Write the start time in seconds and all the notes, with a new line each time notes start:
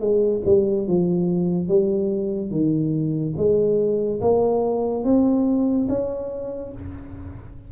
0.00 G#3
0.45 G3
0.87 F3
1.68 G3
2.51 D#3
3.37 G#3
4.21 A#3
5.04 C4
5.89 C#4